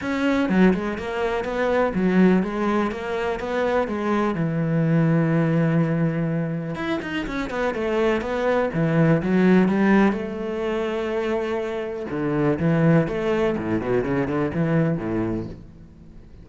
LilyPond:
\new Staff \with { instrumentName = "cello" } { \time 4/4 \tempo 4 = 124 cis'4 fis8 gis8 ais4 b4 | fis4 gis4 ais4 b4 | gis4 e2.~ | e2 e'8 dis'8 cis'8 b8 |
a4 b4 e4 fis4 | g4 a2.~ | a4 d4 e4 a4 | a,8 b,8 cis8 d8 e4 a,4 | }